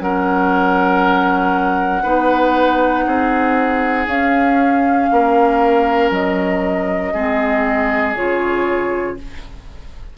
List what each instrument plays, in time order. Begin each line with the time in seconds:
0.00 bassoon F#3, clarinet C#4, oboe A#4, flute F#5
2.03 bassoon B3, clarinet D#4, oboe B4
3.06 bassoon C4, oboe G#4
4.07 bassoon C#4, clarinet C#4, flute F5
5.11 bassoon A#3, oboe A#4
6.10 bassoon F#3, flute D#5
7.13 bassoon G#3, clarinet C4, oboe G#4
8.15 bassoon C#3, clarinet F4, flute C#5